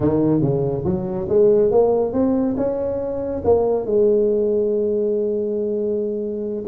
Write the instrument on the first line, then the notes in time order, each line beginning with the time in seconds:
tuba
0.00 D#3
0.41 C#3
0.84 F#3
1.28 G#3
1.71 A#3
2.12 C4
2.56 C#4
3.44 A#3
3.85 G#3